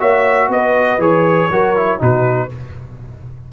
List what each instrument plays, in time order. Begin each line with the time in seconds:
0.00 tuba A#3, trombone F#4, horn C#5, trumpet E5
0.49 tuba B3, horn B4, trumpet D#5
0.98 tuba E3, trombone G#4, trumpet C#5
1.50 tuba F#3, trombone F#4, horn A#4
1.76 trombone E4
1.99 tuba B2, trombone D#4, horn F#4, trumpet B4